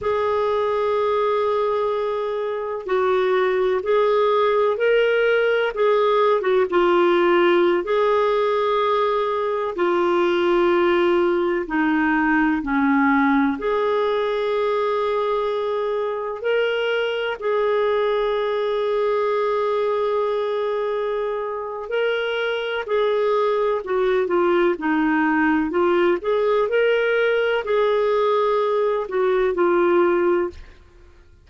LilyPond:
\new Staff \with { instrumentName = "clarinet" } { \time 4/4 \tempo 4 = 63 gis'2. fis'4 | gis'4 ais'4 gis'8. fis'16 f'4~ | f'16 gis'2 f'4.~ f'16~ | f'16 dis'4 cis'4 gis'4.~ gis'16~ |
gis'4~ gis'16 ais'4 gis'4.~ gis'16~ | gis'2. ais'4 | gis'4 fis'8 f'8 dis'4 f'8 gis'8 | ais'4 gis'4. fis'8 f'4 | }